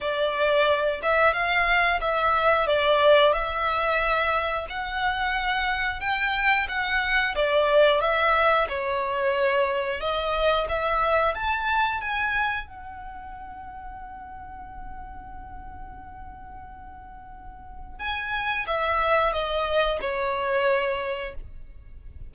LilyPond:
\new Staff \with { instrumentName = "violin" } { \time 4/4 \tempo 4 = 90 d''4. e''8 f''4 e''4 | d''4 e''2 fis''4~ | fis''4 g''4 fis''4 d''4 | e''4 cis''2 dis''4 |
e''4 a''4 gis''4 fis''4~ | fis''1~ | fis''2. gis''4 | e''4 dis''4 cis''2 | }